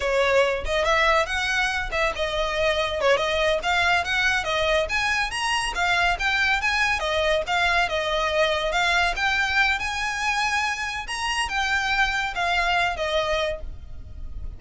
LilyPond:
\new Staff \with { instrumentName = "violin" } { \time 4/4 \tempo 4 = 141 cis''4. dis''8 e''4 fis''4~ | fis''8 e''8 dis''2 cis''8 dis''8~ | dis''8 f''4 fis''4 dis''4 gis''8~ | gis''8 ais''4 f''4 g''4 gis''8~ |
gis''8 dis''4 f''4 dis''4.~ | dis''8 f''4 g''4. gis''4~ | gis''2 ais''4 g''4~ | g''4 f''4. dis''4. | }